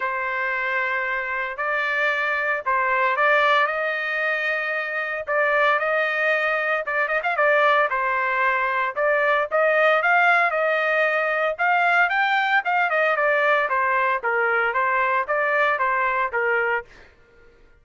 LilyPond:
\new Staff \with { instrumentName = "trumpet" } { \time 4/4 \tempo 4 = 114 c''2. d''4~ | d''4 c''4 d''4 dis''4~ | dis''2 d''4 dis''4~ | dis''4 d''8 dis''16 f''16 d''4 c''4~ |
c''4 d''4 dis''4 f''4 | dis''2 f''4 g''4 | f''8 dis''8 d''4 c''4 ais'4 | c''4 d''4 c''4 ais'4 | }